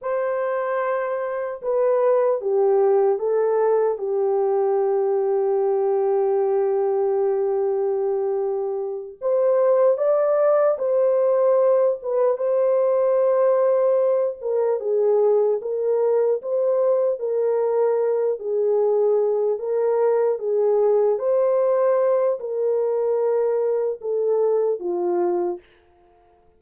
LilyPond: \new Staff \with { instrumentName = "horn" } { \time 4/4 \tempo 4 = 75 c''2 b'4 g'4 | a'4 g'2.~ | g'2.~ g'8 c''8~ | c''8 d''4 c''4. b'8 c''8~ |
c''2 ais'8 gis'4 ais'8~ | ais'8 c''4 ais'4. gis'4~ | gis'8 ais'4 gis'4 c''4. | ais'2 a'4 f'4 | }